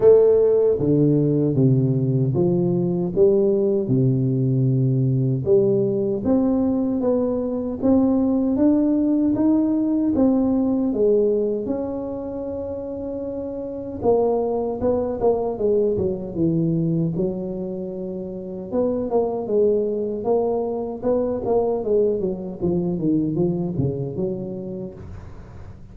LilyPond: \new Staff \with { instrumentName = "tuba" } { \time 4/4 \tempo 4 = 77 a4 d4 c4 f4 | g4 c2 g4 | c'4 b4 c'4 d'4 | dis'4 c'4 gis4 cis'4~ |
cis'2 ais4 b8 ais8 | gis8 fis8 e4 fis2 | b8 ais8 gis4 ais4 b8 ais8 | gis8 fis8 f8 dis8 f8 cis8 fis4 | }